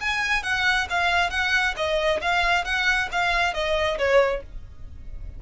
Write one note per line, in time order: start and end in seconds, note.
0.00 0.43 G#5
0.43 0.87 F#5
0.89 1.30 F5
1.30 1.74 F#5
1.76 2.20 D#5
2.21 2.64 F5
2.64 3.08 F#5
3.11 3.53 F5
3.53 3.97 D#5
3.98 4.42 C#5